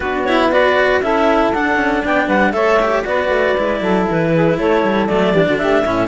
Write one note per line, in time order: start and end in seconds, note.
0.00 0.99 B3
0.00 0.27 D4
0.00 0.50 F#4
0.00 0.24 B4
0.24 0.51 E4
0.24 0.49 C#5
0.51 1.02 F#4
0.51 1.02 B4
0.51 1.02 D5
1.01 1.51 C#4
1.01 1.53 E4
1.01 2.05 A4
1.01 1.53 E5
1.52 1.76 D4
1.52 2.53 D4
1.52 2.04 F#5
1.76 2.01 C#4
2.04 2.27 B3
2.04 2.26 D5
2.04 2.28 G5
2.26 2.53 G3
2.26 2.51 B4
2.26 2.52 F#5
2.52 3.04 A3
2.52 2.78 A4
2.52 3.05 C#5
2.52 3.03 E5
2.82 3.05 G4
3.05 3.28 B3
3.05 3.55 F#4
3.05 3.80 B4
3.05 4.07 D5
3.28 3.54 A3
3.57 3.80 G#3
3.57 5.09 E4
3.80 4.06 F#3
3.80 4.31 A4
4.10 4.58 E3
4.10 4.59 B4
4.33 4.58 G#4
4.58 4.83 A3
4.58 5.32 A4
4.58 5.06 C#5
4.83 5.08 G3
5.06 5.33 F#3
5.06 5.34 A3
5.06 5.57 D5
5.32 5.46 E3
5.32 5.85 D4
5.32 5.45 G4
5.46 5.61 D3
5.46 5.59 F#4
5.57 5.85 A3
5.57 5.83 G4
5.57 6.07 E5
5.83 6.07 A2
5.83 6.07 C#4
5.83 6.07 E4